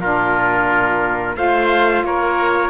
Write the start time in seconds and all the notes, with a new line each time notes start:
0.00 A#2 D4 F4 A#4
1.35 A3 F4 C5 F5
2.03 A#3 A#4 C#5